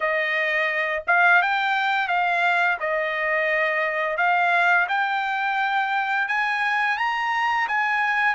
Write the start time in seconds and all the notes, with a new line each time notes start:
0.00 D#5
1.07 F5
1.41 G5
2.07 F5
2.80 D#5
4.17 F5
4.88 G5
6.28 G#5
6.97 A#5
7.67 G#5